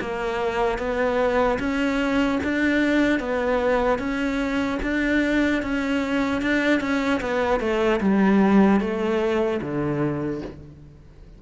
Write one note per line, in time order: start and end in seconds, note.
0.00 0.78 A#3
0.78 1.58 B3
1.59 2.39 C#4
2.43 3.19 D4
3.19 3.99 B3
3.99 4.79 C#4
4.82 5.62 D4
5.62 6.41 C#4
6.41 6.80 D4
6.80 7.20 C#4
7.20 7.60 B3
7.60 8.00 A3
8.00 8.80 G3
8.80 9.60 A3
9.61 10.41 D3